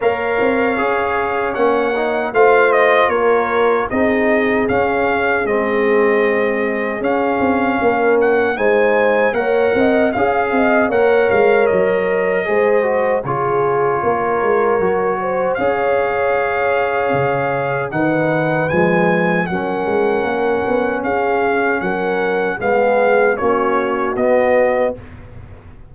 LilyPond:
<<
  \new Staff \with { instrumentName = "trumpet" } { \time 4/4 \tempo 4 = 77 f''2 fis''4 f''8 dis''8 | cis''4 dis''4 f''4 dis''4~ | dis''4 f''4. fis''8 gis''4 | fis''4 f''4 fis''8 f''8 dis''4~ |
dis''4 cis''2. | f''2. fis''4 | gis''4 fis''2 f''4 | fis''4 f''4 cis''4 dis''4 | }
  \new Staff \with { instrumentName = "horn" } { \time 4/4 cis''2. c''4 | ais'4 gis'2.~ | gis'2 ais'4 c''4 | cis''8 dis''8 f''8 dis''8 cis''2 |
c''4 gis'4 ais'4. c''8 | cis''2. b'4~ | b'4 ais'2 gis'4 | ais'4 gis'4 fis'2 | }
  \new Staff \with { instrumentName = "trombone" } { \time 4/4 ais'4 gis'4 cis'8 dis'8 f'4~ | f'4 dis'4 cis'4 c'4~ | c'4 cis'2 dis'4 | ais'4 gis'4 ais'2 |
gis'8 fis'8 f'2 fis'4 | gis'2. dis'4 | gis4 cis'2.~ | cis'4 b4 cis'4 b4 | }
  \new Staff \with { instrumentName = "tuba" } { \time 4/4 ais8 c'8 cis'4 ais4 a4 | ais4 c'4 cis'4 gis4~ | gis4 cis'8 c'8 ais4 gis4 | ais8 c'8 cis'8 c'8 ais8 gis8 fis4 |
gis4 cis4 ais8 gis8 fis4 | cis'2 cis4 dis4 | f4 fis8 gis8 ais8 b8 cis'4 | fis4 gis4 ais4 b4 | }
>>